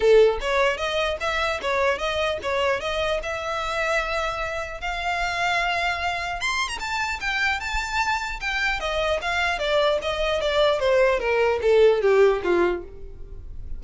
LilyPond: \new Staff \with { instrumentName = "violin" } { \time 4/4 \tempo 4 = 150 a'4 cis''4 dis''4 e''4 | cis''4 dis''4 cis''4 dis''4 | e''1 | f''1 |
c'''8. ais''16 a''4 g''4 a''4~ | a''4 g''4 dis''4 f''4 | d''4 dis''4 d''4 c''4 | ais'4 a'4 g'4 f'4 | }